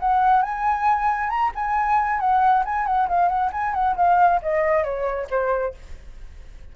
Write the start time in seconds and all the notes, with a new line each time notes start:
0.00 F#5
0.43 G#5
1.30 A#5
1.55 G#5
2.20 F#5
2.66 G#5
2.87 F#5
3.09 F5
3.28 F#5
3.53 G#5
3.74 F#5
3.97 F5
4.42 D#5
4.84 C#5
5.31 C5